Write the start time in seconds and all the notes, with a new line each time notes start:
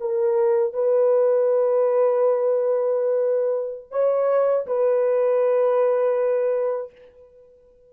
0.00 A#4
0.73 B4
3.91 C#5
4.66 B4